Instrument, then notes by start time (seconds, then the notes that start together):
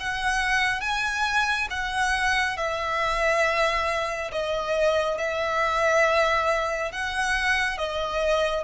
violin
0.00 F#5
0.81 G#5
1.70 F#5
2.57 E5
4.32 D#5
5.18 E5
6.92 F#5
7.78 D#5